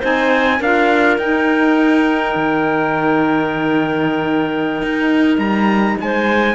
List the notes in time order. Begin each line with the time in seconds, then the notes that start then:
0.00 C4 D#4 C5 G#5
0.60 D4 F4 A#4 F5
1.18 D#4 G5
2.36 D#3
4.82 D#4
5.38 G3 A#5
6.00 G#3 C5 G#5